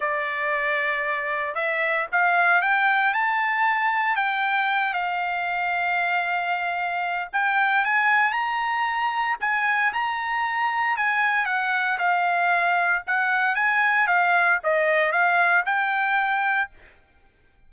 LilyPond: \new Staff \with { instrumentName = "trumpet" } { \time 4/4 \tempo 4 = 115 d''2. e''4 | f''4 g''4 a''2 | g''4. f''2~ f''8~ | f''2 g''4 gis''4 |
ais''2 gis''4 ais''4~ | ais''4 gis''4 fis''4 f''4~ | f''4 fis''4 gis''4 f''4 | dis''4 f''4 g''2 | }